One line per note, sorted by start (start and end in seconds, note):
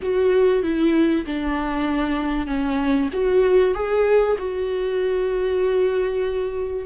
0.02 0.62 F#4
0.62 1.25 E4
1.26 2.47 D4
2.47 3.09 C#4
3.12 3.74 F#4
3.74 4.36 G#4
4.38 6.86 F#4